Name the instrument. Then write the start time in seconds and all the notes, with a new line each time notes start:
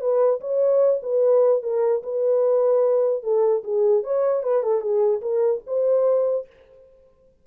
horn
0.00 B4
0.40 C#5
1.02 B4
1.62 A#4
2.03 B4
3.23 A4
3.63 G#4
4.03 C#5
4.43 B4
4.63 A4
4.81 G#4
5.21 A#4
5.66 C5